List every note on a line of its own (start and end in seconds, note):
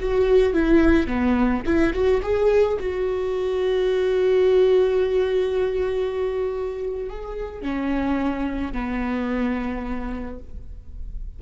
0.00 0.54 F#4
0.54 1.08 E4
1.08 1.63 B3
1.66 1.94 E4
1.94 2.22 F#4
2.23 2.79 G#4
2.80 7.10 F#4
7.10 7.62 G#4
7.62 8.73 C#4
8.73 10.40 B3